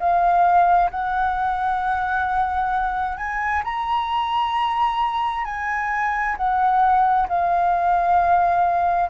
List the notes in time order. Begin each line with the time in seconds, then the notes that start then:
0.00 F5
0.91 F#5
3.18 G#5
3.64 A#5
5.45 G#5
6.37 F#5
7.29 F5